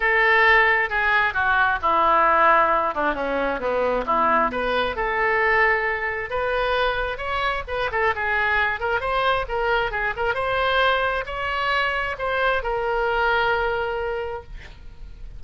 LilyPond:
\new Staff \with { instrumentName = "oboe" } { \time 4/4 \tempo 4 = 133 a'2 gis'4 fis'4 | e'2~ e'8 d'8 cis'4 | b4 e'4 b'4 a'4~ | a'2 b'2 |
cis''4 b'8 a'8 gis'4. ais'8 | c''4 ais'4 gis'8 ais'8 c''4~ | c''4 cis''2 c''4 | ais'1 | }